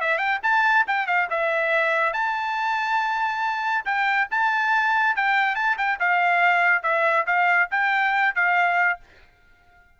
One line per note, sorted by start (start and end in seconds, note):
0.00 0.18 E5
0.18 0.39 G5
0.42 0.85 A5
0.87 1.07 G5
1.07 1.28 F5
1.30 2.13 E5
2.13 3.85 A5
3.85 4.28 G5
4.30 5.16 A5
5.16 5.55 G5
5.55 5.76 A5
5.77 5.99 G5
6.00 6.83 F5
6.83 7.25 E5
7.26 7.69 F5
7.71 8.35 G5
8.35 8.99 F5